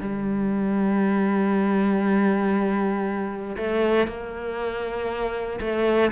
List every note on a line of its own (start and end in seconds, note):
0.00 3.56 G3
3.56 4.07 A3
4.07 5.59 A#3
5.60 6.11 A3